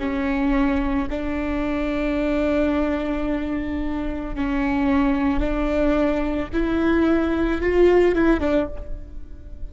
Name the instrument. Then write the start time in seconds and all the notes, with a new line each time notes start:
viola
0.00 C#4
1.10 D4
4.36 C#4
5.40 D4
6.53 E4
7.62 F4
8.16 E4
8.40 D4